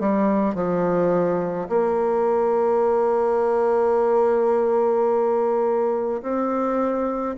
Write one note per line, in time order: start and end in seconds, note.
0.00 0.55 G3
0.55 1.68 F3
1.69 6.22 A#3
6.23 7.36 C4